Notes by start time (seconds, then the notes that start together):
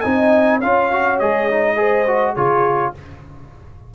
0.00 C4 D#4 D#5 G#5
0.57 C#4 F4 C#5 F5
0.91 F#4
1.18 G#3 G#4 D#5
1.49 D#4
1.76 G#4 C5
2.07 F#4
2.33 C#3 F4 G#4 C#5